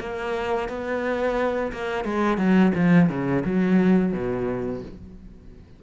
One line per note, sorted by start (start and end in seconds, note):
0.00 0.69 A#3
0.69 1.72 B3
1.72 2.04 A#3
2.04 2.38 G#3
2.38 2.72 F#3
2.75 3.09 F3
3.09 3.44 C#3
3.45 4.13 F#3
4.13 4.82 B2